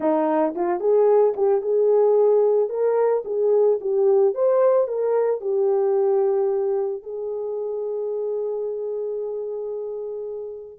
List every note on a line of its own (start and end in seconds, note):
0.00 0.54 D#4
0.55 0.80 F4
0.80 1.34 G#4
1.36 1.61 G4
1.61 2.69 G#4
2.69 3.23 A#4
3.25 3.79 G#4
3.80 4.34 G4
4.34 4.87 C5
4.87 5.40 A#4
5.40 7.02 G4
7.03 10.79 G#4